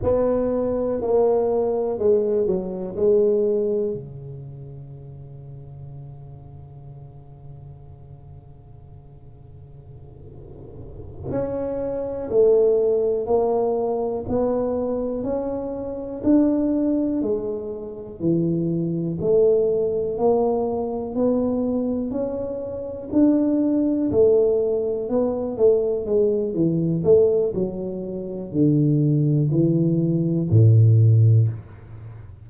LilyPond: \new Staff \with { instrumentName = "tuba" } { \time 4/4 \tempo 4 = 61 b4 ais4 gis8 fis8 gis4 | cis1~ | cis2.~ cis8 cis'8~ | cis'8 a4 ais4 b4 cis'8~ |
cis'8 d'4 gis4 e4 a8~ | a8 ais4 b4 cis'4 d'8~ | d'8 a4 b8 a8 gis8 e8 a8 | fis4 d4 e4 a,4 | }